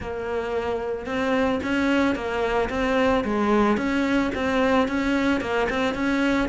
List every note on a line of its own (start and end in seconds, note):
0.00 1.06 A#3
1.06 1.60 C4
1.63 2.15 C#4
2.15 2.69 A#3
2.69 3.23 C4
3.24 3.77 G#3
3.77 4.31 C#4
4.34 4.88 C4
4.88 5.41 C#4
5.41 5.68 A#3
5.69 5.94 C4
5.94 6.48 C#4